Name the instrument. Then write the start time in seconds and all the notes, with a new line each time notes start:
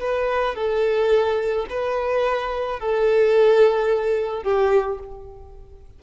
violin
0.00 B4
0.55 A4
1.70 B4
2.80 A4
4.43 G4